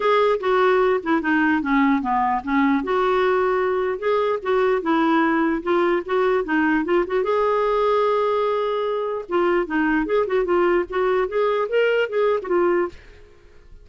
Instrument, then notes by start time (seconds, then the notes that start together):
clarinet
0.00 G#4
0.39 F#4
1.03 E4
1.21 D#4
1.61 C#4
2.01 B3
2.43 C#4
2.83 F#4
3.99 G#4
4.42 F#4
4.82 E4
5.62 F4
6.05 F#4
6.44 D#4
6.84 F4
7.06 F#4
7.23 G#4
9.28 F4
9.66 D#4
10.06 G#4
10.26 F#4
10.44 F4
10.89 F#4
11.28 G#4
11.69 A#4
12.09 G#4
12.42 F4 F#4